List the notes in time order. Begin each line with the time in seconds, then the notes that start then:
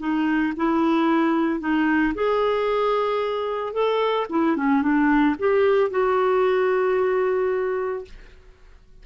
0.00 D#4
0.56 E4
1.60 D#4
2.15 G#4
3.73 A4
4.30 E4
4.56 C#4
4.82 D4
5.39 G4
5.91 F#4